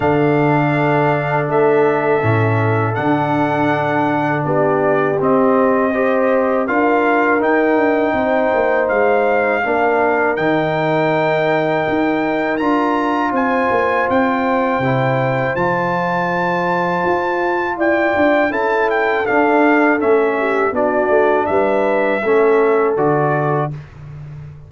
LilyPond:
<<
  \new Staff \with { instrumentName = "trumpet" } { \time 4/4 \tempo 4 = 81 f''2 e''2 | fis''2 d''4 dis''4~ | dis''4 f''4 g''2 | f''2 g''2~ |
g''4 ais''4 gis''4 g''4~ | g''4 a''2. | g''4 a''8 g''8 f''4 e''4 | d''4 e''2 d''4 | }
  \new Staff \with { instrumentName = "horn" } { \time 4/4 a'1~ | a'2 g'2 | c''4 ais'2 c''4~ | c''4 ais'2.~ |
ais'2 c''2~ | c''1 | d''4 a'2~ a'8 g'8 | fis'4 b'4 a'2 | }
  \new Staff \with { instrumentName = "trombone" } { \time 4/4 d'2. cis'4 | d'2. c'4 | g'4 f'4 dis'2~ | dis'4 d'4 dis'2~ |
dis'4 f'2. | e'4 f'2.~ | f'4 e'4 d'4 cis'4 | d'2 cis'4 fis'4 | }
  \new Staff \with { instrumentName = "tuba" } { \time 4/4 d2 a4 a,4 | d2 b4 c'4~ | c'4 d'4 dis'8 d'8 c'8 ais8 | gis4 ais4 dis2 |
dis'4 d'4 c'8 ais8 c'4 | c4 f2 f'4 | e'8 d'8 cis'4 d'4 a4 | b8 a8 g4 a4 d4 | }
>>